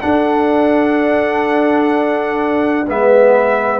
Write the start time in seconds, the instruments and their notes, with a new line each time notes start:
0.00 trombone D4, tuba D4, horn A4, trumpet F#5
2.87 tuba G#3, trombone B3, horn B4, trumpet E5